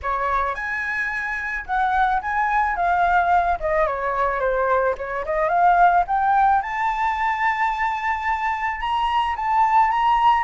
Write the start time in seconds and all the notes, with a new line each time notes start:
0.02 C#5
0.55 G#5
1.66 F#5
2.21 G#5
2.75 F5
3.59 D#5
3.86 C#5
4.39 C5
4.97 C#5
5.25 D#5
5.48 F5
6.07 G5
6.62 A5
8.80 A#5
9.36 A5
9.90 A#5